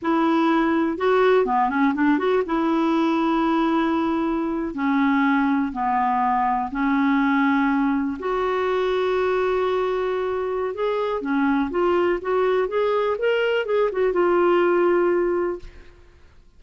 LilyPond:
\new Staff \with { instrumentName = "clarinet" } { \time 4/4 \tempo 4 = 123 e'2 fis'4 b8 cis'8 | d'8 fis'8 e'2.~ | e'4.~ e'16 cis'2 b16~ | b4.~ b16 cis'2~ cis'16~ |
cis'8. fis'2.~ fis'16~ | fis'2 gis'4 cis'4 | f'4 fis'4 gis'4 ais'4 | gis'8 fis'8 f'2. | }